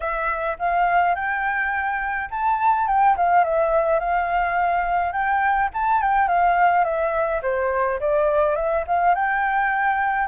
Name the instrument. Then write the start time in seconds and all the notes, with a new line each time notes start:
flute
0.00 E5
0.58 F5
1.15 G5
2.30 A5
2.87 G5
3.17 F5
3.44 E5
3.99 F5
5.12 G5
5.73 A5
6.01 G5
6.28 F5
6.84 E5
7.42 C5
7.99 D5
8.55 E5
8.87 F5
9.14 G5